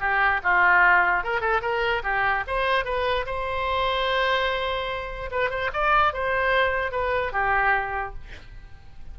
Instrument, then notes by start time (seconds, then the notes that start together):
oboe
0.00 G4
0.43 F4
1.24 A#4
1.41 A4
1.62 A#4
2.03 G4
2.47 C5
2.85 B4
3.26 C5
5.31 B4
5.50 C5
5.73 D5
6.13 C5
6.92 B4
7.32 G4